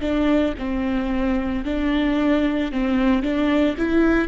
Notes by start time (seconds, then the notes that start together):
0.00 D4
0.58 C4
1.64 D4
2.72 C4
3.22 D4
3.77 E4